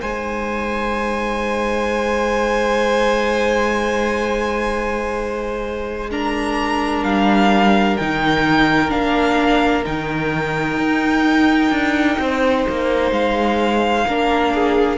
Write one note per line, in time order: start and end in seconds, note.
0.00 7.03 G#3
0.00 6.09 D#4
0.00 6.10 C5
0.00 6.11 G#5
6.11 7.98 D4
6.11 12.20 A#4
6.11 7.04 A#5
7.03 7.97 G3
7.03 7.97 F5
7.97 8.92 D#3
7.97 8.89 D#4
7.97 8.90 G5
8.89 9.86 A#3
8.89 9.83 D4
8.89 9.84 F5
9.85 10.78 D#3
9.85 14.06 D#4
9.85 13.12 G5
10.78 11.71 D#4
11.71 12.17 D4
12.19 12.66 C4
12.19 14.07 C5
12.69 13.11 A#3
13.11 14.05 G#3
13.11 14.98 F5
14.07 14.98 A#3
14.07 14.98 D4
14.07 14.54 A#4
14.54 14.98 G#4